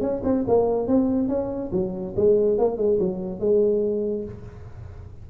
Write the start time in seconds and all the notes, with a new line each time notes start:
0.00 C#4
0.24 C4
0.47 A#3
0.87 C4
1.28 C#4
1.72 F#3
2.16 G#3
2.58 A#3
2.77 G#3
2.99 F#3
3.39 G#3